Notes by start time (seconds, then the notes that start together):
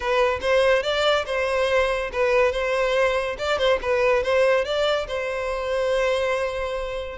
0.00 B4
0.41 C5
0.82 D5
1.26 C5
2.12 B4
2.51 C5
3.38 D5
3.58 C5
3.82 B4
4.23 C5
4.64 D5
5.07 C5